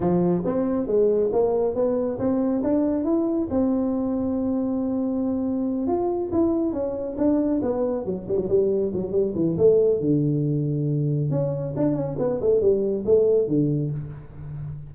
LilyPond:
\new Staff \with { instrumentName = "tuba" } { \time 4/4 \tempo 4 = 138 f4 c'4 gis4 ais4 | b4 c'4 d'4 e'4 | c'1~ | c'4. f'4 e'4 cis'8~ |
cis'8 d'4 b4 fis8 g16 fis16 g8~ | g8 fis8 g8 e8 a4 d4~ | d2 cis'4 d'8 cis'8 | b8 a8 g4 a4 d4 | }